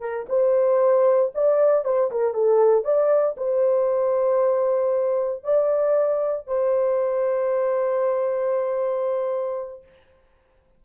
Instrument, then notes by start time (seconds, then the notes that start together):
horn
0.00 A#4
0.28 C5
1.34 D5
1.84 C5
2.11 A#4
2.33 A4
2.84 D5
3.37 C5
5.44 D5
6.47 C5